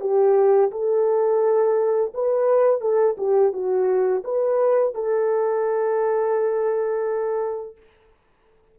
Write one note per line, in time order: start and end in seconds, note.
0.00 0.71 G4
0.71 2.12 A4
2.13 2.80 B4
2.80 3.16 A4
3.17 3.52 G4
3.52 4.23 F#4
4.24 4.94 B4
4.94 7.76 A4